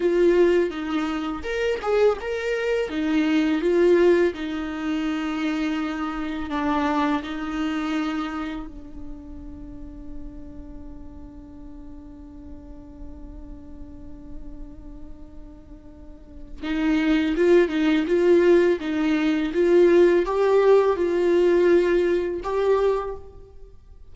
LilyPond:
\new Staff \with { instrumentName = "viola" } { \time 4/4 \tempo 4 = 83 f'4 dis'4 ais'8 gis'8 ais'4 | dis'4 f'4 dis'2~ | dis'4 d'4 dis'2 | d'1~ |
d'1~ | d'2. dis'4 | f'8 dis'8 f'4 dis'4 f'4 | g'4 f'2 g'4 | }